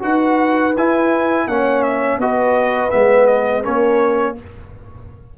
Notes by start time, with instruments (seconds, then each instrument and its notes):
0.00 tuba D#4, trombone F#4, horn B4, trumpet F#5
0.77 tuba E4, trombone E4, trumpet G#5
1.48 tuba A#3, trombone C#4, horn C#5, trumpet F#5
1.83 trumpet E5
2.18 tuba B3, trombone F#4, horn B4, trumpet D#5
2.91 tuba G#3, trombone B3, trumpet E5
3.27 trumpet D#5
3.63 tuba A#3, trombone C#4, horn A#4, trumpet C#5